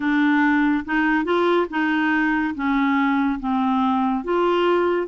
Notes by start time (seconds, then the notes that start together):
0.00 D4
0.85 D#4
1.24 F4
1.69 D#4
2.54 C#4
3.39 C4
4.23 F4